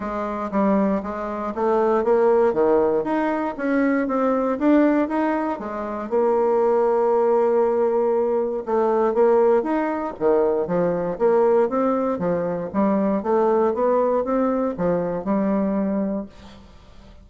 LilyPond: \new Staff \with { instrumentName = "bassoon" } { \time 4/4 \tempo 4 = 118 gis4 g4 gis4 a4 | ais4 dis4 dis'4 cis'4 | c'4 d'4 dis'4 gis4 | ais1~ |
ais4 a4 ais4 dis'4 | dis4 f4 ais4 c'4 | f4 g4 a4 b4 | c'4 f4 g2 | }